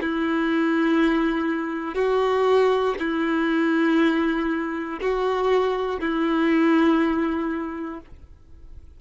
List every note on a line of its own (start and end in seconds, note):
0.00 1.94 E4
1.94 2.94 F#4
2.99 4.99 E4
5.01 6.00 F#4
6.00 8.00 E4